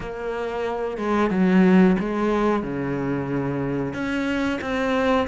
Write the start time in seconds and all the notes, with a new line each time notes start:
0.00 A#3
0.97 G#3
1.30 F#3
1.99 G#3
2.62 C#3
3.93 C#4
4.61 C4